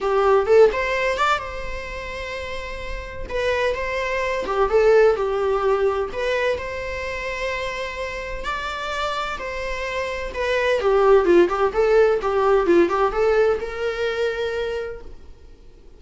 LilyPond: \new Staff \with { instrumentName = "viola" } { \time 4/4 \tempo 4 = 128 g'4 a'8 c''4 d''8 c''4~ | c''2. b'4 | c''4. g'8 a'4 g'4~ | g'4 b'4 c''2~ |
c''2 d''2 | c''2 b'4 g'4 | f'8 g'8 a'4 g'4 f'8 g'8 | a'4 ais'2. | }